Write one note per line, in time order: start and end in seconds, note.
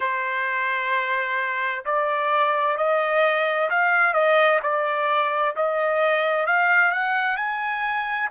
0.00 1.84 C5
1.85 2.77 D5
2.77 3.69 D#5
3.69 4.13 F5
4.13 4.59 D#5
4.62 5.55 D5
5.56 6.46 D#5
6.46 6.91 F5
6.91 7.36 F#5
7.36 8.29 G#5